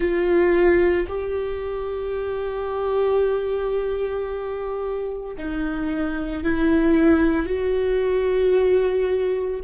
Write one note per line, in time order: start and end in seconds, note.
0.00 1.07 F4
1.08 5.36 G4
5.37 6.43 D#4
6.43 7.46 E4
7.46 9.60 F#4